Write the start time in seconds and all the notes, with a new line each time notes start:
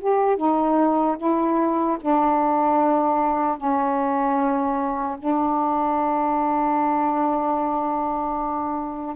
0.00 G4
0.37 D#4
1.17 E4
2.00 D4
3.57 C#4
5.19 D4